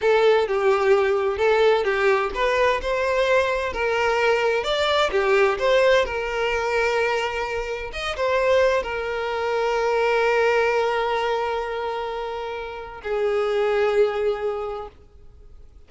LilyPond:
\new Staff \with { instrumentName = "violin" } { \time 4/4 \tempo 4 = 129 a'4 g'2 a'4 | g'4 b'4 c''2 | ais'2 d''4 g'4 | c''4 ais'2.~ |
ais'4 dis''8 c''4. ais'4~ | ais'1~ | ais'1 | gis'1 | }